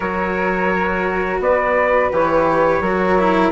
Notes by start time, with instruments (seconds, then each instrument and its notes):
0.00 bassoon F#3, cello F#4, flute A#4, trumpet C#5
1.39 bassoon B3, flute B4, trumpet D5
2.11 bassoon E3, cello G4, trumpet C#5
2.80 bassoon F#3, cello F#4, flute A#4
3.18 cello E4